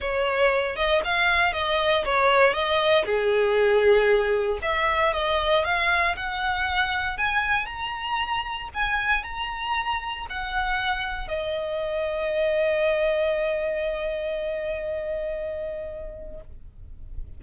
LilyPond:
\new Staff \with { instrumentName = "violin" } { \time 4/4 \tempo 4 = 117 cis''4. dis''8 f''4 dis''4 | cis''4 dis''4 gis'2~ | gis'4 e''4 dis''4 f''4 | fis''2 gis''4 ais''4~ |
ais''4 gis''4 ais''2 | fis''2 dis''2~ | dis''1~ | dis''1 | }